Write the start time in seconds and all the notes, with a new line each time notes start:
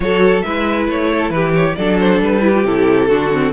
0.00 F#3 F#4 A4 C#5
0.41 G#3 E4 B4 E5
0.87 A3 C#5
1.11 A4
1.29 E3 G4 B4
1.55 C#5
1.75 F#3 D4 A4 D5
1.99 C5
2.20 G3 B4
2.40 E4 G4
2.54 F4
2.64 C3 E4 A4
3.08 D3 D4 F#4
3.32 C4